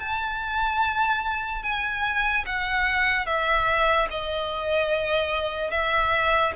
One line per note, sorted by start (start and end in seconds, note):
0.00 1.63 A5
1.63 2.45 G#5
2.47 3.27 F#5
3.27 4.09 E5
4.11 5.71 D#5
5.71 6.53 E5